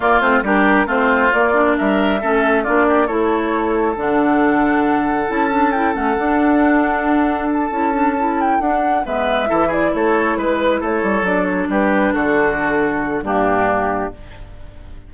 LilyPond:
<<
  \new Staff \with { instrumentName = "flute" } { \time 4/4 \tempo 4 = 136 d''8 c''8 ais'4 c''4 d''4 | e''2 d''4 cis''4~ | cis''4 fis''2. | a''4 g''8 fis''2~ fis''8~ |
fis''4 a''2 g''8 fis''8~ | fis''8 e''4. d''8 cis''4 b'8~ | b'8 cis''4 d''8 cis''8 b'4 a'8~ | a'2 g'2 | }
  \new Staff \with { instrumentName = "oboe" } { \time 4/4 f'4 g'4 f'2 | ais'4 a'4 f'8 g'8 a'4~ | a'1~ | a'1~ |
a'1~ | a'8 b'4 a'8 gis'8 a'4 b'8~ | b'8 a'2 g'4 fis'8~ | fis'2 d'2 | }
  \new Staff \with { instrumentName = "clarinet" } { \time 4/4 ais8 c'8 d'4 c'4 ais8 d'8~ | d'4 cis'4 d'4 e'4~ | e'4 d'2. | e'8 d'8 e'8 cis'8 d'2~ |
d'4. e'8 d'8 e'4 d'8~ | d'8 b4 e'2~ e'8~ | e'4. d'2~ d'8~ | d'2 ais2 | }
  \new Staff \with { instrumentName = "bassoon" } { \time 4/4 ais8 a8 g4 a4 ais4 | g4 a4 ais4 a4~ | a4 d2. | cis'4. a8 d'2~ |
d'4. cis'2 d'8~ | d'8 gis4 e4 a4 gis8~ | gis8 a8 g8 fis4 g4 d8~ | d2 g,2 | }
>>